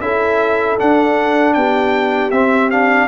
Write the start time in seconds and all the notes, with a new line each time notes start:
0.00 C#4 E4 A4 E5
0.78 D4 F#5
1.53 B3 G4 G5
2.31 C4 E5
2.70 D4 F5